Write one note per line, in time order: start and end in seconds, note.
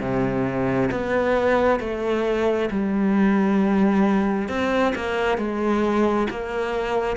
0.00 0.90 C3
0.91 1.80 B3
1.80 2.69 A3
2.70 4.48 G3
4.48 4.93 C4
4.95 5.38 A#3
5.38 6.27 G#3
6.30 7.16 A#3